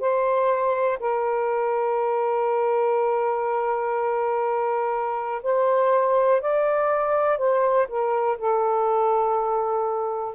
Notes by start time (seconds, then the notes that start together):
0.00 C5
1.00 A#4
5.43 C5
6.41 D5
7.38 C5
7.88 A#4
8.38 A4